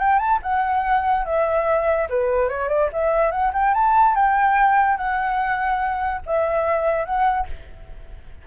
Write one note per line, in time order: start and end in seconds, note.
0.00 0.19 G5
0.19 0.40 A5
0.43 1.25 F#5
1.26 2.08 E5
2.10 2.49 B4
2.49 2.69 C#5
2.69 2.90 D5
2.93 3.31 E5
3.31 3.52 F#5
3.54 3.74 G5
3.74 4.15 A5
4.15 4.98 G5
4.98 6.22 F#5
6.26 7.06 E5
7.06 7.47 F#5